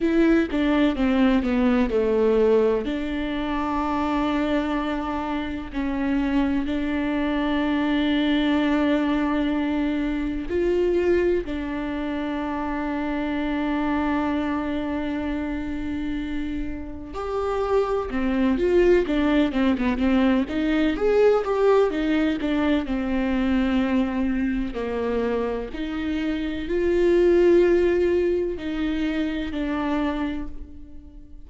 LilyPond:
\new Staff \with { instrumentName = "viola" } { \time 4/4 \tempo 4 = 63 e'8 d'8 c'8 b8 a4 d'4~ | d'2 cis'4 d'4~ | d'2. f'4 | d'1~ |
d'2 g'4 c'8 f'8 | d'8 c'16 b16 c'8 dis'8 gis'8 g'8 dis'8 d'8 | c'2 ais4 dis'4 | f'2 dis'4 d'4 | }